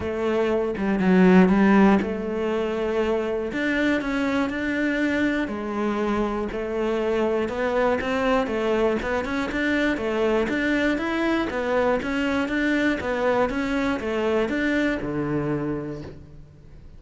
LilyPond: \new Staff \with { instrumentName = "cello" } { \time 4/4 \tempo 4 = 120 a4. g8 fis4 g4 | a2. d'4 | cis'4 d'2 gis4~ | gis4 a2 b4 |
c'4 a4 b8 cis'8 d'4 | a4 d'4 e'4 b4 | cis'4 d'4 b4 cis'4 | a4 d'4 d2 | }